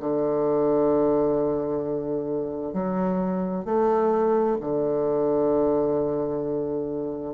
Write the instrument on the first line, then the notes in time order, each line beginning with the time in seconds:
bassoon
0.00 D3
2.73 F#3
3.65 A3
4.61 D3